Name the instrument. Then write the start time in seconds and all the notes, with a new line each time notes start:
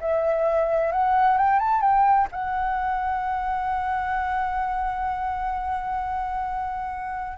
flute
0.00 E5
0.91 F#5
1.37 G5
1.59 A5
1.81 G5
2.31 F#5